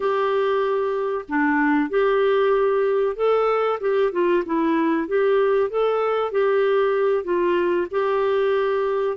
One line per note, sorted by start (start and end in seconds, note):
0.00 1.25 G4
1.28 1.89 D4
1.89 3.16 G4
3.16 3.79 A4
3.80 4.12 G4
4.12 4.43 F4
4.45 5.07 E4
5.07 5.70 G4
5.70 6.31 A4
6.31 7.24 G4
7.24 7.87 F4
7.90 9.17 G4